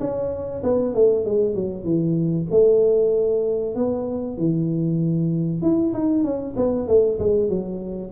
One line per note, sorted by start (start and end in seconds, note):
0.00 0.62 C#4
0.63 0.95 B3
0.95 1.25 A3
1.25 1.55 G#3
1.55 1.84 F#3
1.84 2.47 E3
2.51 3.75 A3
3.75 4.38 B3
4.38 5.62 E3
5.62 5.93 E4
5.93 6.24 D#4
6.24 6.55 C#4
6.57 6.88 B3
6.88 7.19 A3
7.19 7.49 G#3
7.49 8.12 F#3